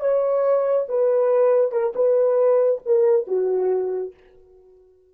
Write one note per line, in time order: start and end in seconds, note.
0.00 0.86 C#5
0.88 1.71 B4
1.71 1.93 A#4
1.95 2.81 B4
2.85 3.27 A#4
3.27 4.13 F#4